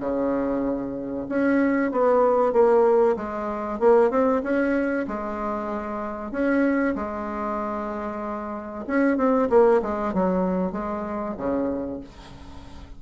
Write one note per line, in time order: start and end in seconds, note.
0.00 1.26 C#3
1.29 1.91 C#4
1.91 2.53 B3
2.53 3.16 A#3
3.17 3.80 G#3
3.80 4.10 A#3
4.10 4.42 C4
4.43 5.06 C#4
5.08 6.31 G#3
6.31 6.94 C#4
6.95 8.85 G#3
8.87 9.17 C#4
9.17 9.49 C4
9.50 9.81 A#3
9.82 10.13 G#3
10.13 10.72 F#3
10.72 11.35 G#3
11.37 12.00 C#3